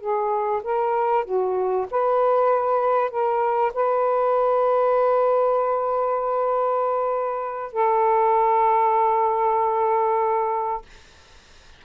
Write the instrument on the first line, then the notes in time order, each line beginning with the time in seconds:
saxophone
0.00 G#4
0.63 A#4
1.25 F#4
1.91 B4
3.10 A#4
3.74 B4
7.73 A4